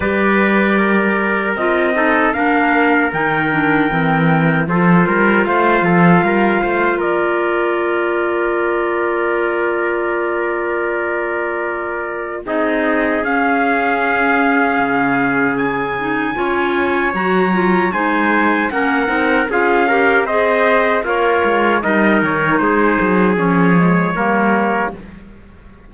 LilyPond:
<<
  \new Staff \with { instrumentName = "trumpet" } { \time 4/4 \tempo 4 = 77 d''2 dis''4 f''4 | g''2 c''4 f''4~ | f''4 d''2.~ | d''1 |
dis''4 f''2. | gis''2 ais''4 gis''4 | fis''4 f''4 dis''4 cis''4 | dis''8 cis''8 c''4 cis''2 | }
  \new Staff \with { instrumentName = "trumpet" } { \time 4/4 b'4 ais'4. a'8 ais'4~ | ais'2 a'8 ais'8 c''8 a'8 | ais'8 c''8 ais'2.~ | ais'1 |
gis'1~ | gis'4 cis''2 c''4 | ais'4 gis'8 ais'8 c''4 f'4 | ais'4 gis'2 ais'4 | }
  \new Staff \with { instrumentName = "clarinet" } { \time 4/4 g'2 f'8 dis'8 d'4 | dis'8 d'8 c'4 f'2~ | f'1~ | f'1 |
dis'4 cis'2.~ | cis'8 dis'8 f'4 fis'8 f'8 dis'4 | cis'8 dis'8 f'8 g'8 gis'4 ais'4 | dis'2 cis'8 gis8 ais4 | }
  \new Staff \with { instrumentName = "cello" } { \time 4/4 g2 c'4 ais4 | dis4 e4 f8 g8 a8 f8 | g8 a8 ais2.~ | ais1 |
c'4 cis'2 cis4~ | cis4 cis'4 fis4 gis4 | ais8 c'8 cis'4 c'4 ais8 gis8 | g8 dis8 gis8 fis8 f4 g4 | }
>>